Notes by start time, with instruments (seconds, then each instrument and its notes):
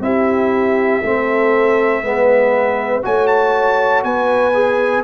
0.00 tuba C4, trombone E4, horn G4, trumpet E5
1.03 tuba A3, trombone C4, horn A4
2.03 tuba G#3, trombone B3, horn B4
3.03 tuba A3, trombone F#4, horn C#5, trumpet G#5
3.27 trumpet A5
4.03 tuba B3, horn B4, trumpet G#5
4.54 trombone G#4